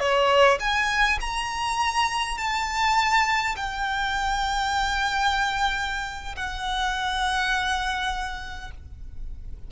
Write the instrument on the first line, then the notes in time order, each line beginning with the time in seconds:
violin
0.00 C#5
0.60 G#5
1.21 A#5
2.38 A5
3.56 G5
6.36 F#5